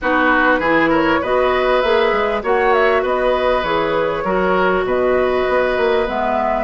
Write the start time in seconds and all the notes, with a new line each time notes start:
0.01 B3 D#4 F#4 B4
0.59 E3 E4 G#4
0.89 A#4 C#5
1.21 B3 F#4 B4 D#5
1.81 A#3 G#4 E5
2.12 G#3
2.42 A#3 F#4 C#5 F#5
2.73 E5
3.02 B3 B4 D#5
3.63 E3 G#4 C#5
4.24 F#3 F#4 A#4
4.84 B2 B4 D#5
5.48 B3
5.77 A#3
6.06 G#3 B3 E5